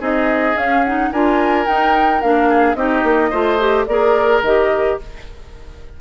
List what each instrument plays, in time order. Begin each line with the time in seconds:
0.00 bassoon C4, clarinet D#4, oboe G#4, flute D#5
0.56 bassoon C#4, clarinet C#4, flute F5
0.84 clarinet D#4, flute F#5
1.12 bassoon D4, clarinet F4, oboe A#4, flute G#5
1.66 clarinet D#4, bassoon D#4, flute G5
2.22 bassoon A#3, clarinet D4, flute F5
2.49 oboe G#4
2.75 bassoon C4, clarinet D#4, oboe G4, flute D#5
3.04 bassoon A#3
3.30 bassoon A3, clarinet F4, oboe C5
3.60 clarinet G4
3.86 bassoon A#3, clarinet G#4, oboe A#4, flute D5
4.42 bassoon D#3, clarinet G4, flute D#5